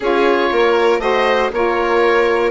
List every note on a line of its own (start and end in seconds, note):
0.00 0.51 C#4
0.00 1.00 F4
0.00 0.49 G#4
0.00 1.00 C#5
0.51 0.99 A#3
0.51 1.01 A#4
0.99 1.49 A3
0.99 1.50 F#4
0.99 1.51 C5
0.99 1.50 D#5
1.51 2.50 A#3
1.51 2.50 F4
1.51 2.50 A#4
1.51 2.50 C#5